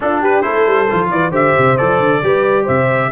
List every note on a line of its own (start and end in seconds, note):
0.00 0.42 D4
0.00 0.44 D4
0.00 0.21 F4
0.00 0.23 A4
0.21 0.42 G4
0.21 0.41 B4
0.41 0.66 A3
0.41 0.86 E4
0.41 1.09 A4
0.41 1.08 C5
0.66 0.89 G3
0.90 1.10 F3
0.90 1.31 F4
1.10 1.30 E3
1.10 1.31 B4
1.10 1.32 D5
1.30 1.53 D3
1.30 1.76 G4
1.30 2.20 C5
1.30 1.77 E5
1.57 1.79 C3
1.77 1.99 F3
1.77 2.22 A4
1.77 2.66 D5
1.99 2.21 D3
2.22 2.67 G3
2.22 3.11 G4
2.22 2.63 B4
2.63 3.12 C3
2.63 3.07 C5
2.63 3.12 E5